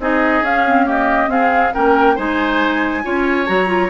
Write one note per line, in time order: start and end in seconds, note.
0.00 0.42 C4
0.00 0.44 D#4
0.00 0.86 G#4
0.00 0.45 D#5
0.42 1.29 C#4
0.42 0.67 C#4
0.42 0.89 F5
0.67 0.86 C4
0.86 1.28 A#3
0.86 1.30 G4
0.86 1.30 D#5
1.28 1.71 C4
1.28 1.72 C4
1.28 1.74 G#4
1.28 1.74 F5
1.74 2.18 A#3
1.74 2.17 C#4
1.74 2.16 A#4
1.74 2.18 G5
2.16 3.05 G#3
2.16 3.04 D#4
2.16 3.03 C5
2.16 3.47 G#5
3.04 3.49 C#4
3.04 3.47 F4
3.04 3.91 C#5
3.47 3.91 F#3
3.47 3.67 F#4
3.47 3.90 A#5
3.67 3.89 F4